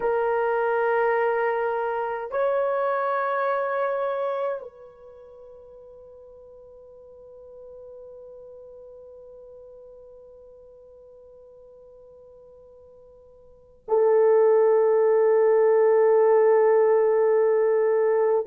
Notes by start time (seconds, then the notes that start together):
0.00 A#4
2.31 C#5
4.61 B4
13.88 A4